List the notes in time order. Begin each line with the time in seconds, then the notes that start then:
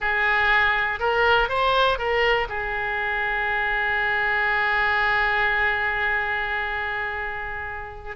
0.00 G#4
0.99 A#4
1.49 C5
1.98 A#4
2.48 G#4